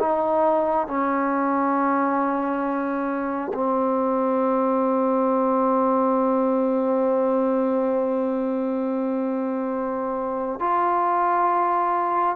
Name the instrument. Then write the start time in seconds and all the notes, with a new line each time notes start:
trombone
0.00 D#4
0.87 C#4
3.54 C4
10.60 F4